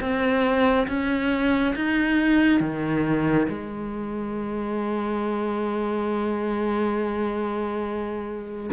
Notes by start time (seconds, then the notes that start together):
0.00 C4
0.87 C#4
1.75 D#4
2.60 D#3
3.48 G#3